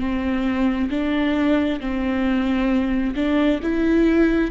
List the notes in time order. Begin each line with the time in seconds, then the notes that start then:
0.00 C4
0.90 D4
1.80 C4
3.16 D4
3.63 E4